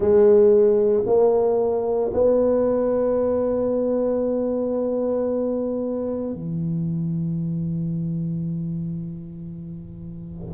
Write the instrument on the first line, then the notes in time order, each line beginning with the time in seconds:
tuba
0.00 G#3
1.06 A#3
2.13 B3
6.33 E3